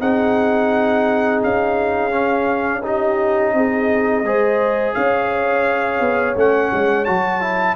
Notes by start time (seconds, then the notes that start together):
0.00 C4 D#4 G#4 F#5
1.43 C#4 F5
2.11 C#4
2.83 D#4 G4 D#5
3.54 C4 G#4
4.23 G#3 G#4 C5
4.94 C#4 C#5 F5
6.00 B3
6.36 A3 C#4 F#5
6.73 G#3
7.05 F#3 F#4 A5
7.41 E4